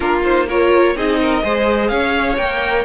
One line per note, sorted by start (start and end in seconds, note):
0.00 0.95 A#3
0.00 0.23 D4
0.00 0.47 F4
0.00 0.22 A#4
0.24 0.48 D#4
0.24 0.47 C5
0.47 0.96 F4
0.47 0.94 A#4
0.47 0.96 C#5
0.95 1.43 C4
0.95 1.41 D#4
0.95 1.20 G#4
0.95 1.88 D#5
1.20 1.43 A#4
1.41 1.90 G#3
1.41 2.36 G#4
1.41 1.90 C5
1.88 2.38 C#4
1.88 2.84 C#5
1.88 2.35 F5
2.37 2.84 A#3
2.37 2.84 A#4
2.37 2.84 G5